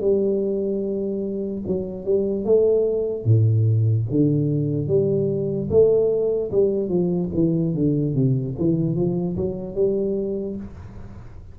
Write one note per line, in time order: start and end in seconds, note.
0.00 1.62 G3
1.67 2.05 F#3
2.05 2.44 G3
2.44 3.25 A3
3.25 4.06 A2
4.10 4.87 D3
4.87 5.68 G3
5.69 6.50 A3
6.51 6.88 G3
6.88 7.29 F3
7.34 7.74 E3
7.74 8.14 D3
8.14 8.55 C3
8.58 8.95 E3
8.95 9.36 F3
9.36 9.74 F#3
9.74 10.56 G3